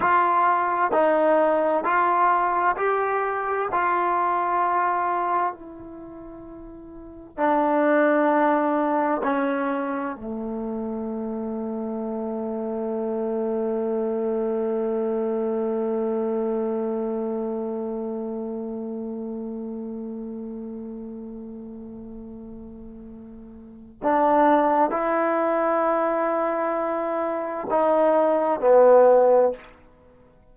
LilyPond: \new Staff \with { instrumentName = "trombone" } { \time 4/4 \tempo 4 = 65 f'4 dis'4 f'4 g'4 | f'2 e'2 | d'2 cis'4 a4~ | a1~ |
a1~ | a1~ | a2 d'4 e'4~ | e'2 dis'4 b4 | }